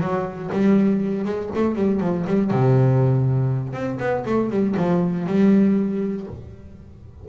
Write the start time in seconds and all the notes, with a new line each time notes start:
0.00 F#3
0.52 G3
1.25 G#3
1.55 A3
1.75 G3
2.00 F3
2.27 G3
2.51 C3
3.73 C4
4.00 B3
4.26 A3
4.50 G3
4.77 F3
5.27 G3